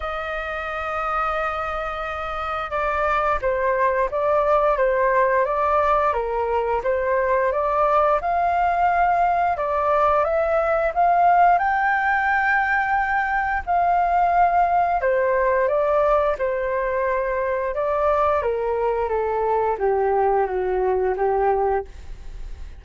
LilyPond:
\new Staff \with { instrumentName = "flute" } { \time 4/4 \tempo 4 = 88 dis''1 | d''4 c''4 d''4 c''4 | d''4 ais'4 c''4 d''4 | f''2 d''4 e''4 |
f''4 g''2. | f''2 c''4 d''4 | c''2 d''4 ais'4 | a'4 g'4 fis'4 g'4 | }